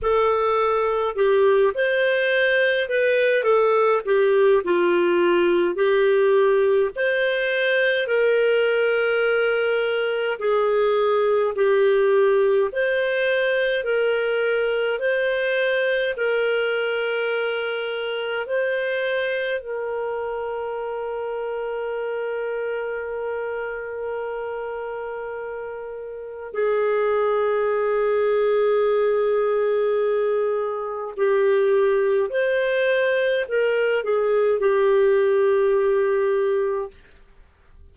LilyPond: \new Staff \with { instrumentName = "clarinet" } { \time 4/4 \tempo 4 = 52 a'4 g'8 c''4 b'8 a'8 g'8 | f'4 g'4 c''4 ais'4~ | ais'4 gis'4 g'4 c''4 | ais'4 c''4 ais'2 |
c''4 ais'2.~ | ais'2. gis'4~ | gis'2. g'4 | c''4 ais'8 gis'8 g'2 | }